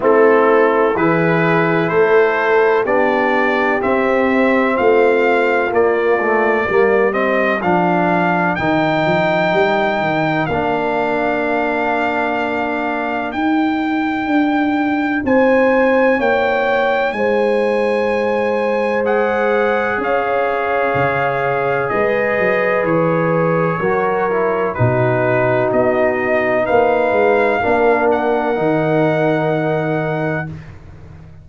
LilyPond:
<<
  \new Staff \with { instrumentName = "trumpet" } { \time 4/4 \tempo 4 = 63 a'4 b'4 c''4 d''4 | e''4 f''4 d''4. dis''8 | f''4 g''2 f''4~ | f''2 g''2 |
gis''4 g''4 gis''2 | fis''4 f''2 dis''4 | cis''2 b'4 dis''4 | f''4. fis''2~ fis''8 | }
  \new Staff \with { instrumentName = "horn" } { \time 4/4 e'4 gis'4 a'4 g'4~ | g'4 f'2 ais'4~ | ais'1~ | ais'1 |
c''4 cis''4 c''2~ | c''4 cis''2 b'4~ | b'4 ais'4 fis'2 | b'4 ais'2. | }
  \new Staff \with { instrumentName = "trombone" } { \time 4/4 c'4 e'2 d'4 | c'2 ais8 a8 ais8 c'8 | d'4 dis'2 d'4~ | d'2 dis'2~ |
dis'1 | gis'1~ | gis'4 fis'8 e'8 dis'2~ | dis'4 d'4 dis'2 | }
  \new Staff \with { instrumentName = "tuba" } { \time 4/4 a4 e4 a4 b4 | c'4 a4 ais4 g4 | f4 dis8 f8 g8 dis8 ais4~ | ais2 dis'4 d'4 |
c'4 ais4 gis2~ | gis4 cis'4 cis4 gis8 fis8 | e4 fis4 b,4 b4 | ais8 gis8 ais4 dis2 | }
>>